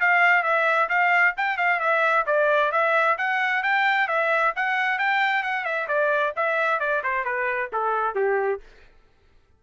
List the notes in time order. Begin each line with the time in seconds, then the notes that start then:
0.00 F5
0.43 E5
0.89 F5
1.37 G5
1.57 F5
1.80 E5
2.26 D5
2.72 E5
3.18 F#5
3.63 G5
4.08 E5
4.56 F#5
4.99 G5
5.43 F#5
5.65 E5
5.88 D5
6.36 E5
6.80 D5
7.03 C5
7.25 B4
7.73 A4
8.15 G4